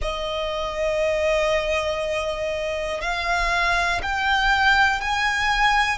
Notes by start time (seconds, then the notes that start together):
0.01 D#5
3.01 F5
4.02 G5
5.00 G#5